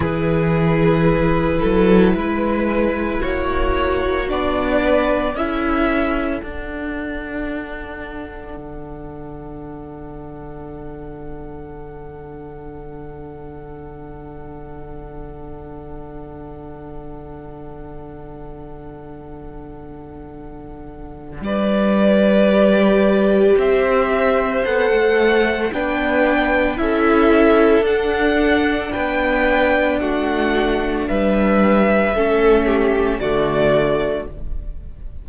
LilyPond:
<<
  \new Staff \with { instrumentName = "violin" } { \time 4/4 \tempo 4 = 56 b'2. cis''4 | d''4 e''4 fis''2~ | fis''1~ | fis''1~ |
fis''1 | d''2 e''4 fis''4 | g''4 e''4 fis''4 g''4 | fis''4 e''2 d''4 | }
  \new Staff \with { instrumentName = "violin" } { \time 4/4 gis'4. a'8 b'4 fis'4~ | fis'8 b'8 a'2.~ | a'1~ | a'1~ |
a'1 | b'2 c''2 | b'4 a'2 b'4 | fis'4 b'4 a'8 g'8 fis'4 | }
  \new Staff \with { instrumentName = "viola" } { \time 4/4 e'1 | d'4 e'4 d'2~ | d'1~ | d'1~ |
d'1~ | d'4 g'2 a'4 | d'4 e'4 d'2~ | d'2 cis'4 a4 | }
  \new Staff \with { instrumentName = "cello" } { \time 4/4 e4. fis8 gis4 ais4 | b4 cis'4 d'2 | d1~ | d1~ |
d1 | g2 c'4 b16 a8. | b4 cis'4 d'4 b4 | a4 g4 a4 d4 | }
>>